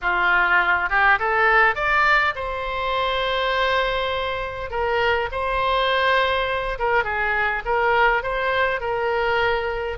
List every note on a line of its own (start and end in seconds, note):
0.01 0.89 F4
0.89 1.18 G4
1.19 1.75 A4
1.75 2.34 D5
2.35 4.70 C5
4.70 5.29 A#4
5.31 6.78 C5
6.78 7.04 A#4
7.04 7.63 G#4
7.65 8.22 A#4
8.22 8.80 C5
8.80 9.98 A#4